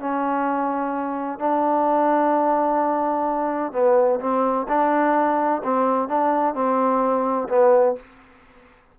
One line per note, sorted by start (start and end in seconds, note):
0.00 1.40 C#4
1.40 3.73 D4
3.73 4.20 B3
4.21 4.67 C4
4.69 5.62 D4
5.64 6.09 C4
6.09 6.55 D4
6.55 7.49 C4
7.49 7.96 B3